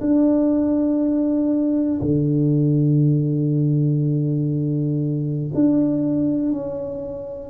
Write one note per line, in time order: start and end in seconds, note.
0.00 2.00 D4
2.01 5.51 D3
5.55 6.52 D4
6.52 7.50 C#4